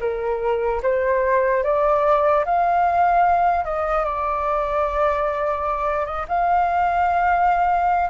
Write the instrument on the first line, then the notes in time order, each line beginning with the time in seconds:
flute
0.00 A#4
0.82 C5
1.63 D5
2.45 F5
3.64 D#5
4.04 D5
6.06 D#5
6.28 F5